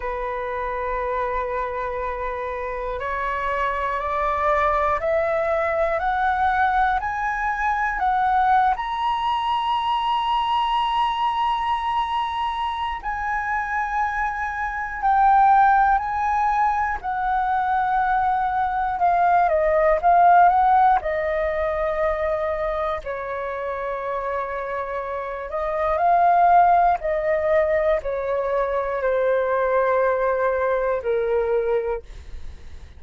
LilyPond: \new Staff \with { instrumentName = "flute" } { \time 4/4 \tempo 4 = 60 b'2. cis''4 | d''4 e''4 fis''4 gis''4 | fis''8. ais''2.~ ais''16~ | ais''4 gis''2 g''4 |
gis''4 fis''2 f''8 dis''8 | f''8 fis''8 dis''2 cis''4~ | cis''4. dis''8 f''4 dis''4 | cis''4 c''2 ais'4 | }